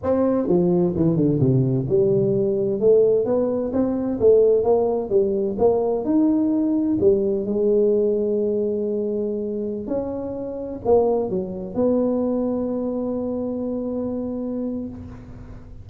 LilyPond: \new Staff \with { instrumentName = "tuba" } { \time 4/4 \tempo 4 = 129 c'4 f4 e8 d8 c4 | g2 a4 b4 | c'4 a4 ais4 g4 | ais4 dis'2 g4 |
gis1~ | gis4~ gis16 cis'2 ais8.~ | ais16 fis4 b2~ b8.~ | b1 | }